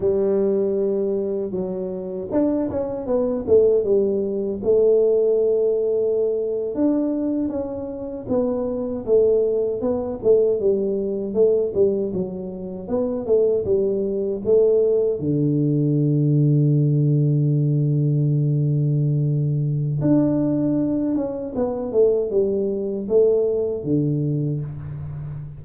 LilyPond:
\new Staff \with { instrumentName = "tuba" } { \time 4/4 \tempo 4 = 78 g2 fis4 d'8 cis'8 | b8 a8 g4 a2~ | a8. d'4 cis'4 b4 a16~ | a8. b8 a8 g4 a8 g8 fis16~ |
fis8. b8 a8 g4 a4 d16~ | d1~ | d2 d'4. cis'8 | b8 a8 g4 a4 d4 | }